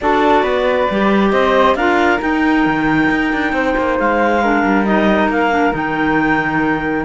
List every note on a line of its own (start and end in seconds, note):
0.00 0.42 D4
0.00 0.90 F#4
0.00 0.43 A4
0.00 1.31 D5
0.42 0.86 B3
0.42 1.31 B4
0.90 1.32 G3
0.90 1.78 G4
1.31 1.75 C4
1.31 1.76 C5
1.31 1.75 D#5
1.75 2.19 D4
1.75 2.19 F4
1.75 3.53 A#4
1.75 2.19 F5
2.19 4.39 D#4
2.19 2.65 D#4
2.19 3.98 G5
2.65 3.10 D#3
3.10 3.32 D#4
3.32 3.52 D4
3.52 3.74 C4
3.52 4.41 C5
3.77 3.99 A#3
3.99 4.63 G#3
3.99 4.85 F5
4.41 4.85 D4
4.41 7.05 A#4
4.63 5.28 G3
4.85 5.49 D#4
4.85 5.29 D#5
5.28 5.72 A#3
5.28 5.74 F5
5.49 5.71 D4
5.71 7.05 D#3
5.71 7.03 D#4
5.71 7.05 G5